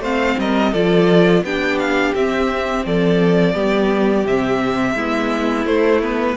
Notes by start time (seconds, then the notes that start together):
0.00 A3 C4 C5 F5
0.38 G3 A#4 D#5
0.71 F3 F4 A4 D5
1.42 B3 D4 G4 G5
1.79 F5
2.15 C4 E5
2.85 F3 A4 D5
3.54 G3 B3 G4
4.25 C3 C4 E5
4.94 G#3 B3 E4
5.65 A3 C5
6.01 B3 B4